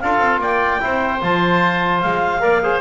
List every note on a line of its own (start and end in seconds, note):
0.00 0.19 D4
0.00 0.80 F4
0.00 0.41 A4
0.00 0.40 F5
0.19 0.38 C4
0.38 0.78 A#3
0.38 0.81 D5
0.38 1.22 G5
0.80 1.22 C4
0.80 1.20 E4
0.80 2.42 C5
1.21 2.02 F3
1.21 2.40 F4
1.21 2.00 A5
2.00 2.43 G#3
2.00 2.80 F5
2.40 2.81 A#3
2.40 2.60 A#4
2.40 2.62 D5
2.62 2.81 G#4
2.62 2.81 C5